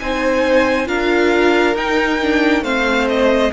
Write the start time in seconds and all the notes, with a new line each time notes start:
0.00 C4 D#4 C5 G#5
0.87 D4 F4 A#4 F5
1.75 D#4 G5
2.23 D4
2.61 A3 C4 C5 F5
3.09 D#5